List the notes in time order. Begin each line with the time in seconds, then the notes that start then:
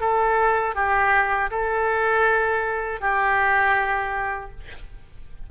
0.00 A4
0.75 G4
1.50 A4
3.00 G4